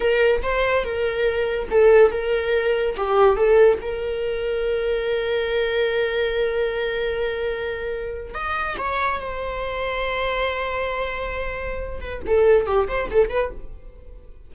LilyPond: \new Staff \with { instrumentName = "viola" } { \time 4/4 \tempo 4 = 142 ais'4 c''4 ais'2 | a'4 ais'2 g'4 | a'4 ais'2.~ | ais'1~ |
ais'2.~ ais'8. dis''16~ | dis''8. cis''4 c''2~ c''16~ | c''1~ | c''8 b'8 a'4 g'8 c''8 a'8 b'8 | }